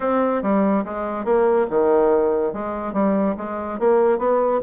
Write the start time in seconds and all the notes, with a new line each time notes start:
0.00 C4
0.42 G3
0.84 G#3
1.24 A#3
1.70 D#3
2.53 G#3
2.93 G3
3.37 G#3
3.79 A#3
4.18 B3